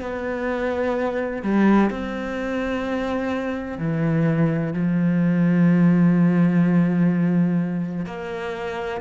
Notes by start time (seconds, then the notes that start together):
0.00 B3
1.43 G3
1.90 C4
3.78 E3
4.73 F3
8.06 A#3